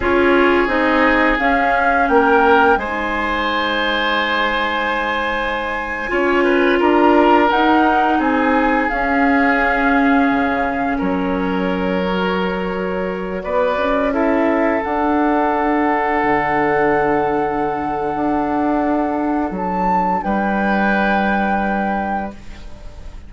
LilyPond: <<
  \new Staff \with { instrumentName = "flute" } { \time 4/4 \tempo 4 = 86 cis''4 dis''4 f''4 g''4 | gis''1~ | gis''4.~ gis''16 ais''4 fis''4 gis''16~ | gis''8. f''2. cis''16~ |
cis''2.~ cis''16 d''8.~ | d''16 e''4 fis''2~ fis''8.~ | fis''1 | a''4 g''2. | }
  \new Staff \with { instrumentName = "oboe" } { \time 4/4 gis'2. ais'4 | c''1~ | c''8. cis''8 b'8 ais'2 gis'16~ | gis'2.~ gis'8. ais'16~ |
ais'2.~ ais'16 b'8.~ | b'16 a'2.~ a'8.~ | a'1~ | a'4 b'2. | }
  \new Staff \with { instrumentName = "clarinet" } { \time 4/4 f'4 dis'4 cis'2 | dis'1~ | dis'8. f'2 dis'4~ dis'16~ | dis'8. cis'2.~ cis'16~ |
cis'4~ cis'16 fis'2~ fis'8.~ | fis'16 e'4 d'2~ d'8.~ | d'1~ | d'1 | }
  \new Staff \with { instrumentName = "bassoon" } { \time 4/4 cis'4 c'4 cis'4 ais4 | gis1~ | gis8. cis'4 d'4 dis'4 c'16~ | c'8. cis'2 cis4 fis16~ |
fis2.~ fis16 b8 cis'16~ | cis'4~ cis'16 d'2 d8.~ | d2 d'2 | fis4 g2. | }
>>